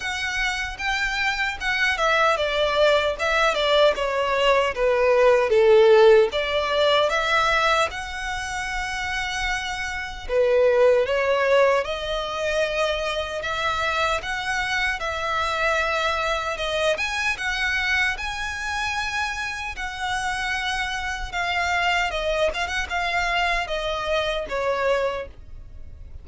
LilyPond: \new Staff \with { instrumentName = "violin" } { \time 4/4 \tempo 4 = 76 fis''4 g''4 fis''8 e''8 d''4 | e''8 d''8 cis''4 b'4 a'4 | d''4 e''4 fis''2~ | fis''4 b'4 cis''4 dis''4~ |
dis''4 e''4 fis''4 e''4~ | e''4 dis''8 gis''8 fis''4 gis''4~ | gis''4 fis''2 f''4 | dis''8 f''16 fis''16 f''4 dis''4 cis''4 | }